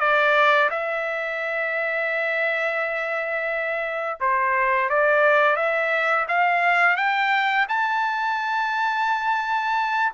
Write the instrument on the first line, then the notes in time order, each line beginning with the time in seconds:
trumpet
0.00 D5
0.70 E5
4.20 C5
4.90 D5
5.57 E5
6.28 F5
6.97 G5
7.69 A5